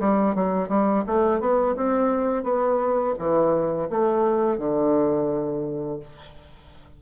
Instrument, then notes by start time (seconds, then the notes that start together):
bassoon
0.00 G3
0.35 F#3
0.69 G3
1.07 A3
1.40 B3
1.76 C4
2.44 B3
3.19 E3
3.90 A3
4.58 D3